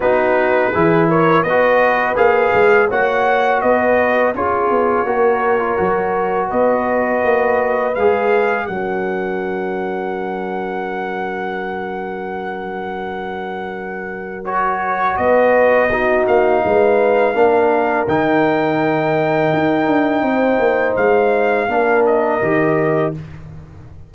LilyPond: <<
  \new Staff \with { instrumentName = "trumpet" } { \time 4/4 \tempo 4 = 83 b'4. cis''8 dis''4 f''4 | fis''4 dis''4 cis''2~ | cis''4 dis''2 f''4 | fis''1~ |
fis''1 | cis''4 dis''4. f''4.~ | f''4 g''2.~ | g''4 f''4. dis''4. | }
  \new Staff \with { instrumentName = "horn" } { \time 4/4 fis'4 gis'8 ais'8 b'2 | cis''4 b'4 gis'4 ais'4~ | ais'4 b'2. | ais'1~ |
ais'1~ | ais'4 b'4 fis'4 b'4 | ais'1 | c''2 ais'2 | }
  \new Staff \with { instrumentName = "trombone" } { \time 4/4 dis'4 e'4 fis'4 gis'4 | fis'2 f'4 fis'8. f'16 | fis'2. gis'4 | cis'1~ |
cis'1 | fis'2 dis'2 | d'4 dis'2.~ | dis'2 d'4 g'4 | }
  \new Staff \with { instrumentName = "tuba" } { \time 4/4 b4 e4 b4 ais8 gis8 | ais4 b4 cis'8 b8 ais4 | fis4 b4 ais4 gis4 | fis1~ |
fis1~ | fis4 b4. ais8 gis4 | ais4 dis2 dis'8 d'8 | c'8 ais8 gis4 ais4 dis4 | }
>>